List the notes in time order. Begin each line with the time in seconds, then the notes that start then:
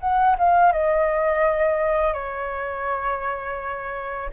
0.00 F#5
0.38 F5
0.72 D#5
2.13 C#5